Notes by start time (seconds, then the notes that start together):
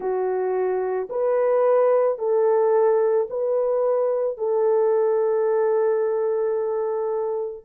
0.00 F#4
1.09 B4
2.18 A4
3.30 B4
4.37 A4